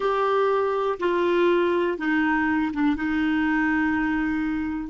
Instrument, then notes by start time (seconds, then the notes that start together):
clarinet
0.00 G4
0.99 F4
1.98 D#4
2.73 D4
2.96 D#4